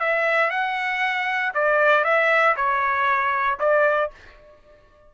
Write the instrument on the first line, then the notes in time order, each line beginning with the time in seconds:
trumpet
0.00 E5
0.50 F#5
1.54 D5
2.04 E5
2.56 C#5
3.59 D5